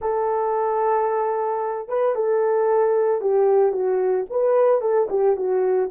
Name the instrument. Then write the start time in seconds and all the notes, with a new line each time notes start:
horn
0.01 A4
1.88 B4
2.15 A4
3.21 G4
3.71 F#4
4.30 B4
4.81 A4
5.09 G4
5.36 F#4